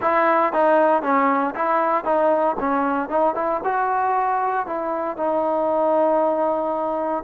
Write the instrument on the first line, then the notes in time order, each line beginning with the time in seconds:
trombone
0.01 E4
0.52 D#4
1.02 C#4
1.55 E4
2.04 D#4
2.59 C#4
3.08 D#4
3.34 E4
3.63 F#4
4.66 E4
5.16 D#4